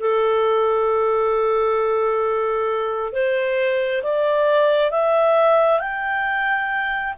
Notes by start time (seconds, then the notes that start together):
0.00 A4
3.13 C5
4.03 D5
4.91 E5
5.80 G5